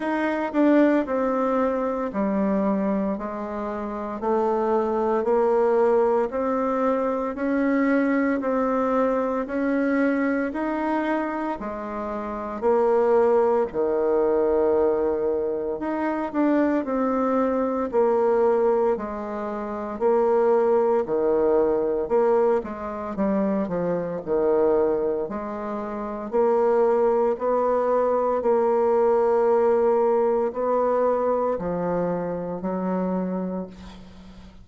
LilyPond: \new Staff \with { instrumentName = "bassoon" } { \time 4/4 \tempo 4 = 57 dis'8 d'8 c'4 g4 gis4 | a4 ais4 c'4 cis'4 | c'4 cis'4 dis'4 gis4 | ais4 dis2 dis'8 d'8 |
c'4 ais4 gis4 ais4 | dis4 ais8 gis8 g8 f8 dis4 | gis4 ais4 b4 ais4~ | ais4 b4 f4 fis4 | }